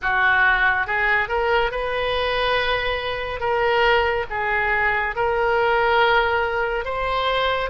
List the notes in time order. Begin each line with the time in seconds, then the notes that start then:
0.02 F#4
0.86 G#4
1.28 A#4
1.71 B4
3.39 A#4
4.29 G#4
5.15 A#4
6.84 C5